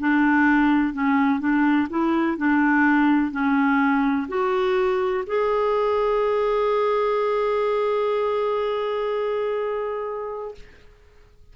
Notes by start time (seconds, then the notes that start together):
0.00 D4
0.93 C#4
1.40 D4
1.90 E4
2.38 D4
3.32 C#4
4.29 F#4
5.27 G#4